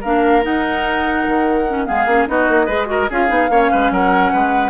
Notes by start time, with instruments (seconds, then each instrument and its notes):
0.00 bassoon A#3, clarinet D4, oboe A#4, flute F5
0.42 clarinet D#4, bassoon D#4, flute F#5
1.27 bassoon D#3
1.69 clarinet C#4
1.86 bassoon G#3, clarinet B3, oboe G#4, flute F5
2.06 bassoon A#3, clarinet C#4
2.27 bassoon B3, clarinet D#4, oboe F#4, flute D#5
2.49 bassoon A#3
2.66 bassoon G#3, clarinet G#4, oboe B4
2.86 clarinet F#4, oboe A#4
3.10 bassoon C#4, clarinet F4, oboe G#4, flute F5
3.28 bassoon B3, clarinet D#4
3.49 bassoon A#3, clarinet C#4, oboe C#5
3.71 bassoon G#3, oboe B4
3.91 bassoon F#3, oboe A#4, flute F#5
4.32 bassoon G#3, oboe B4